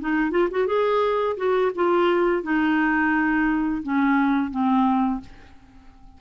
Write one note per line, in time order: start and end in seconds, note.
0.00 0.31 D#4
0.31 0.49 F4
0.51 0.67 F#4
0.67 1.37 G#4
1.37 1.72 F#4
1.75 2.43 F4
2.43 3.82 D#4
3.83 4.51 C#4
4.51 5.21 C4